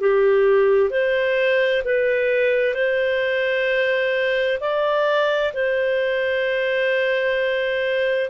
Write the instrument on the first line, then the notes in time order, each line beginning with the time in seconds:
clarinet
0.00 G4
0.90 C5
1.85 B4
2.74 C5
4.60 D5
5.53 C5